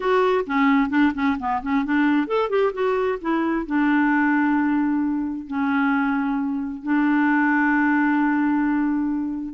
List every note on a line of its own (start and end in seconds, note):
0.00 0.44 F#4
0.46 0.89 C#4
0.89 1.12 D4
1.14 1.37 C#4
1.39 1.62 B3
1.62 1.84 C#4
1.84 2.27 D4
2.27 2.49 A4
2.49 2.72 G4
2.73 3.18 F#4
3.21 3.66 E4
3.66 5.47 D4
5.47 6.82 C#4
6.82 9.54 D4